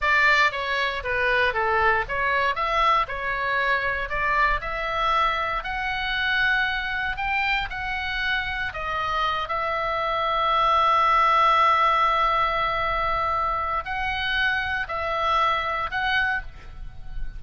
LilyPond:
\new Staff \with { instrumentName = "oboe" } { \time 4/4 \tempo 4 = 117 d''4 cis''4 b'4 a'4 | cis''4 e''4 cis''2 | d''4 e''2 fis''4~ | fis''2 g''4 fis''4~ |
fis''4 dis''4. e''4.~ | e''1~ | e''2. fis''4~ | fis''4 e''2 fis''4 | }